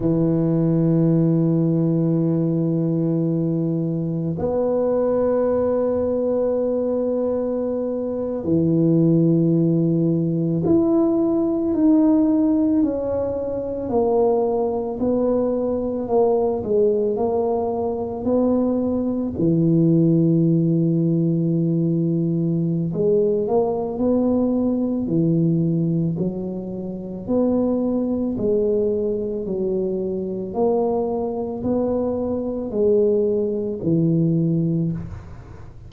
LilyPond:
\new Staff \with { instrumentName = "tuba" } { \time 4/4 \tempo 4 = 55 e1 | b2.~ b8. e16~ | e4.~ e16 e'4 dis'4 cis'16~ | cis'8. ais4 b4 ais8 gis8 ais16~ |
ais8. b4 e2~ e16~ | e4 gis8 ais8 b4 e4 | fis4 b4 gis4 fis4 | ais4 b4 gis4 e4 | }